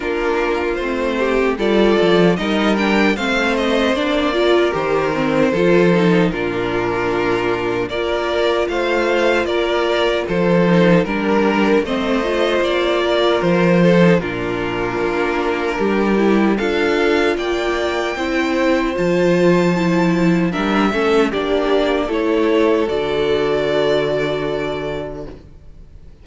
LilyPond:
<<
  \new Staff \with { instrumentName = "violin" } { \time 4/4 \tempo 4 = 76 ais'4 c''4 d''4 dis''8 g''8 | f''8 dis''8 d''4 c''2 | ais'2 d''4 f''4 | d''4 c''4 ais'4 dis''4 |
d''4 c''4 ais'2~ | ais'4 f''4 g''2 | a''2 e''4 d''4 | cis''4 d''2. | }
  \new Staff \with { instrumentName = "violin" } { \time 4/4 f'4. g'8 a'4 ais'4 | c''4. ais'4. a'4 | f'2 ais'4 c''4 | ais'4 a'4 ais'4 c''4~ |
c''8 ais'4 a'8 f'2 | g'4 a'4 d''4 c''4~ | c''2 ais'8 a'8 g'4 | a'1 | }
  \new Staff \with { instrumentName = "viola" } { \time 4/4 d'4 c'4 f'4 dis'8 d'8 | c'4 d'8 f'8 g'8 c'8 f'8 dis'8 | d'2 f'2~ | f'4. dis'8 d'4 c'8 f'8~ |
f'4.~ f'16 dis'16 d'2~ | d'8 e'8 f'2 e'4 | f'4 e'4 d'8 cis'8 d'4 | e'4 fis'2. | }
  \new Staff \with { instrumentName = "cello" } { \time 4/4 ais4 a4 g8 f8 g4 | a4 ais4 dis4 f4 | ais,2 ais4 a4 | ais4 f4 g4 a4 |
ais4 f4 ais,4 ais4 | g4 d'4 ais4 c'4 | f2 g8 a8 ais4 | a4 d2. | }
>>